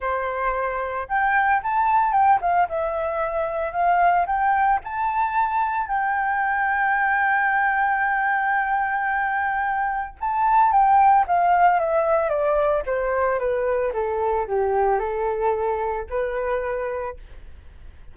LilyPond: \new Staff \with { instrumentName = "flute" } { \time 4/4 \tempo 4 = 112 c''2 g''4 a''4 | g''8 f''8 e''2 f''4 | g''4 a''2 g''4~ | g''1~ |
g''2. a''4 | g''4 f''4 e''4 d''4 | c''4 b'4 a'4 g'4 | a'2 b'2 | }